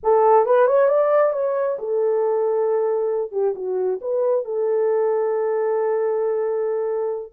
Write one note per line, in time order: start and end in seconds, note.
0.03 0.45 A4
0.45 0.66 B4
0.66 0.88 C#5
0.88 1.33 D5
1.33 1.77 C#5
1.78 3.31 A4
3.31 3.54 G4
3.55 3.99 F#4
4.01 4.44 B4
4.44 7.33 A4